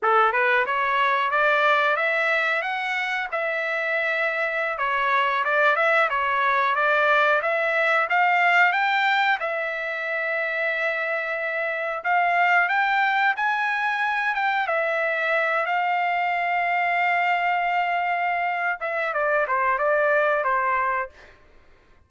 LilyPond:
\new Staff \with { instrumentName = "trumpet" } { \time 4/4 \tempo 4 = 91 a'8 b'8 cis''4 d''4 e''4 | fis''4 e''2~ e''16 cis''8.~ | cis''16 d''8 e''8 cis''4 d''4 e''8.~ | e''16 f''4 g''4 e''4.~ e''16~ |
e''2~ e''16 f''4 g''8.~ | g''16 gis''4. g''8 e''4. f''16~ | f''1~ | f''8 e''8 d''8 c''8 d''4 c''4 | }